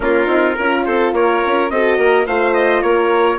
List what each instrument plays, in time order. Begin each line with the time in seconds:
0.00 bassoon A#3, horn C#4, violin F4, trumpet A#4
0.26 bassoon C4, horn D#4
0.56 bassoon C#4, horn F4, violin A#4
0.85 bassoon C4, violin A4, trumpet C5
1.12 bassoon A#3, violin A#4, trumpet C#5
1.45 bassoon C#4
1.70 bassoon C4, horn F#4, violin A4, trumpet D#5
1.98 bassoon A#3, violin A#4
2.26 bassoon A3, horn F4, violin C5, trumpet F5
2.54 trumpet D#5
2.82 bassoon A#3, violin A#4, trumpet C#5